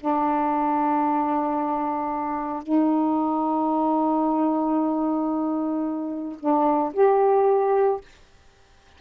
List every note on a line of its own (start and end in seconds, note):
0.00 2.63 D4
2.63 6.38 D#4
6.40 6.94 D4
6.94 8.01 G4